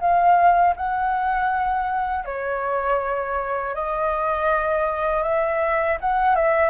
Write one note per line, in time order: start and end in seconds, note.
0.00 0.75 F5
0.76 2.25 F#5
2.25 3.74 C#5
3.74 5.23 D#5
5.23 5.98 E5
6.01 6.35 F#5
6.35 6.70 E5